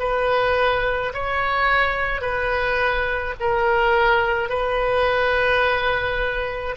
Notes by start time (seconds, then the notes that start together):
0.00 B4
1.14 C#5
2.22 B4
3.41 A#4
4.49 B4